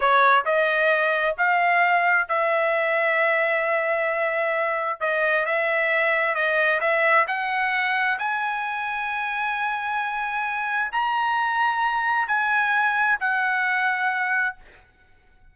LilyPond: \new Staff \with { instrumentName = "trumpet" } { \time 4/4 \tempo 4 = 132 cis''4 dis''2 f''4~ | f''4 e''2.~ | e''2. dis''4 | e''2 dis''4 e''4 |
fis''2 gis''2~ | gis''1 | ais''2. gis''4~ | gis''4 fis''2. | }